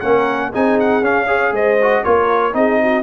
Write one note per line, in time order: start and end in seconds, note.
0.00 0.53 A#3
0.00 0.52 C#4
0.00 0.50 A#4
0.00 0.50 F#5
0.50 1.01 C4
0.50 1.02 D#4
0.50 1.26 G#4
0.50 0.79 G#5
0.79 1.04 F#5
1.01 1.51 C#4
1.01 1.27 C#4
1.01 1.54 F5
1.26 1.77 G#4
1.26 1.51 C#5
1.51 2.02 G#3
1.51 2.04 C5
1.51 2.03 D#5
1.81 2.04 F#4
2.03 2.53 A#3
2.03 2.52 F4
2.03 2.54 A#4
2.03 2.54 C#5
2.52 3.03 C4
2.52 3.03 D#4
2.52 2.82 G#4
2.52 3.03 D#5
2.82 3.03 F#4